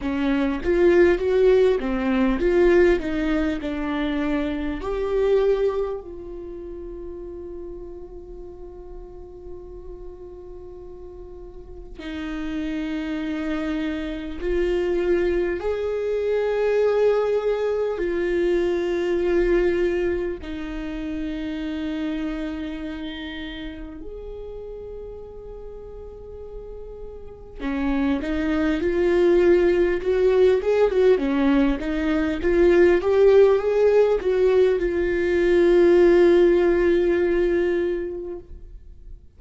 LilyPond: \new Staff \with { instrumentName = "viola" } { \time 4/4 \tempo 4 = 50 cis'8 f'8 fis'8 c'8 f'8 dis'8 d'4 | g'4 f'2.~ | f'2 dis'2 | f'4 gis'2 f'4~ |
f'4 dis'2. | gis'2. cis'8 dis'8 | f'4 fis'8 gis'16 fis'16 cis'8 dis'8 f'8 g'8 | gis'8 fis'8 f'2. | }